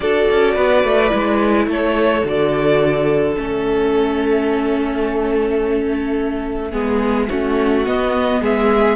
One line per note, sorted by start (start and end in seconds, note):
0.00 0.27 D4
0.00 1.09 F#4
0.00 0.54 A4
0.00 1.67 D5
0.30 0.56 C#4
0.54 0.83 B3
0.54 1.66 B4
0.83 1.11 A3
1.09 1.66 G#3
1.09 2.21 E4
1.66 2.22 A3
1.66 6.70 A4
1.66 2.27 C#5
2.24 3.36 D3
2.24 3.36 F#4
2.24 3.37 D5
3.36 6.73 A3
3.36 6.72 C#4
3.36 7.85 E5
6.70 7.29 G#3
6.70 7.28 B3
6.70 7.26 G#4
7.28 7.86 A3
7.28 7.85 C#4
7.28 8.40 F#4
7.85 8.95 B3
7.85 8.41 B3
7.85 8.41 D#5
8.41 8.95 G#3
8.41 8.95 G#4
8.41 8.95 E5